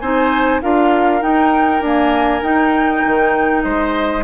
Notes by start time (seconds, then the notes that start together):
0.00 C4 D#4 C5 G#5
0.62 D4 F4 A#4 F5
1.21 D#4 G5
1.81 A#3 D4 G#5
2.42 D#4 G5
3.06 D#3
3.63 G#3 C5 D#5